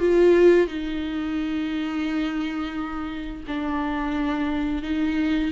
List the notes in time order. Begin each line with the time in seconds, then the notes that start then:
0.00 F4
0.68 D#4
3.47 D4
4.83 D#4